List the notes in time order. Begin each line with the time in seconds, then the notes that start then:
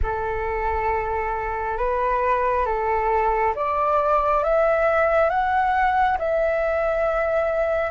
0.02 A4
1.77 B4
2.65 A4
3.55 D5
4.43 E5
5.29 F#5
6.18 E5